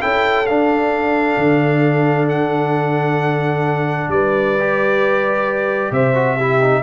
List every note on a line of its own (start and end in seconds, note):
0.00 0.49 C#4
0.00 0.45 E4
0.00 4.12 A4
0.00 0.46 G5
0.46 1.37 D4
0.46 4.58 D4
0.46 2.28 F5
1.37 4.08 D3
2.29 4.10 F#5
4.08 5.90 G3
4.08 5.93 B4
4.08 5.92 D5
4.59 6.14 G4
5.91 6.82 C3
5.91 6.36 C5
5.91 6.82 E5
6.14 6.36 F#4
6.36 6.62 E4
6.36 6.82 G4
6.62 6.82 D#4